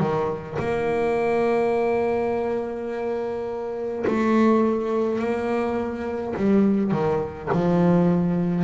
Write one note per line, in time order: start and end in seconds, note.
0.00 0.58 D#3
0.59 4.05 A#3
4.08 5.19 A3
5.19 6.35 A#3
6.37 6.92 G3
6.92 7.49 D#3
7.53 8.64 F3